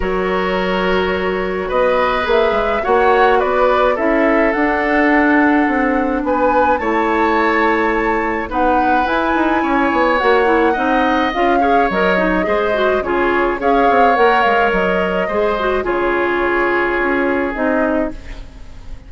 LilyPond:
<<
  \new Staff \with { instrumentName = "flute" } { \time 4/4 \tempo 4 = 106 cis''2. dis''4 | e''4 fis''4 d''4 e''4 | fis''2. gis''4 | a''2. fis''4 |
gis''2 fis''2 | f''4 dis''2 cis''4 | f''4 fis''8 f''8 dis''2 | cis''2. dis''4 | }
  \new Staff \with { instrumentName = "oboe" } { \time 4/4 ais'2. b'4~ | b'4 cis''4 b'4 a'4~ | a'2. b'4 | cis''2. b'4~ |
b'4 cis''2 dis''4~ | dis''8 cis''4. c''4 gis'4 | cis''2. c''4 | gis'1 | }
  \new Staff \with { instrumentName = "clarinet" } { \time 4/4 fis'1 | gis'4 fis'2 e'4 | d'1 | e'2. dis'4 |
e'2 fis'8 e'8 dis'4 | f'8 gis'8 ais'8 dis'8 gis'8 fis'8 f'4 | gis'4 ais'2 gis'8 fis'8 | f'2. dis'4 | }
  \new Staff \with { instrumentName = "bassoon" } { \time 4/4 fis2. b4 | ais8 gis8 ais4 b4 cis'4 | d'2 c'4 b4 | a2. b4 |
e'8 dis'8 cis'8 b8 ais4 c'4 | cis'4 fis4 gis4 cis4 | cis'8 c'8 ais8 gis8 fis4 gis4 | cis2 cis'4 c'4 | }
>>